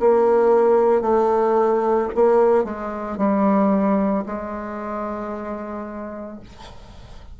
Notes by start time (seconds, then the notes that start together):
0.00 A#3
1.02 A3
2.15 A#3
2.64 G#3
3.18 G3
4.26 G#3